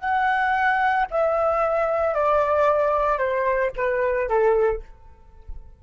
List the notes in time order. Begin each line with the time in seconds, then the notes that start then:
0.00 F#5
1.11 E5
2.14 D5
3.18 C5
3.77 B4
4.29 A4